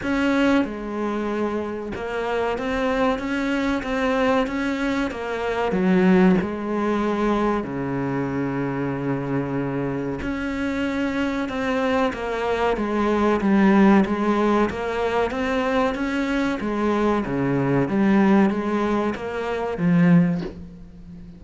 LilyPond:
\new Staff \with { instrumentName = "cello" } { \time 4/4 \tempo 4 = 94 cis'4 gis2 ais4 | c'4 cis'4 c'4 cis'4 | ais4 fis4 gis2 | cis1 |
cis'2 c'4 ais4 | gis4 g4 gis4 ais4 | c'4 cis'4 gis4 cis4 | g4 gis4 ais4 f4 | }